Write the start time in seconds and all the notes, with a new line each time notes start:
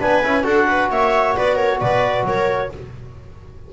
0.00 B3 D4 B4 G#5
0.24 C#4 E4
0.43 D4 F#4 A4 F#5
0.67 B4
0.90 A#3 C#5 E5
1.36 B3 B4 D5
1.56 A#4 C#5
1.80 B2 B4 D5
2.24 F#3 A#4 C#5